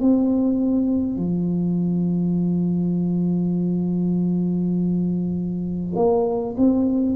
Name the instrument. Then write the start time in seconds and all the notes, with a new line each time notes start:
tuba
0.00 C4
1.16 F3
5.96 A#3
6.57 C4